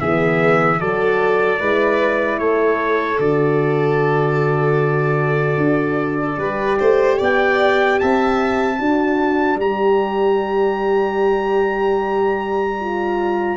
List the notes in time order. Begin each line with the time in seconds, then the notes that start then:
0.00 E3 B3 G#4 E5
0.80 F#3 F#4 A4 D5
1.58 G#3 E4 B4
2.39 A3 A4 C#5
3.19 D3 F#4 D5
5.57 D4
6.36 G3 G4 B4
6.79 A3 C5
7.19 B3 D5 G5
7.99 C4 E5 A5
8.78 D4 F#4 D5
9.56 G3 G4 A#5
12.80 F4